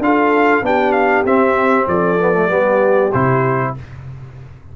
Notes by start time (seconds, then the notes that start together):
0.00 D4 F4 A4 F5
0.62 B3 D4 G4 G5
0.93 F5
1.25 C4 E5
1.88 F3 A4 D5
2.20 B3
2.33 A3
2.47 G3 B3 G4
3.13 C3 E4 C5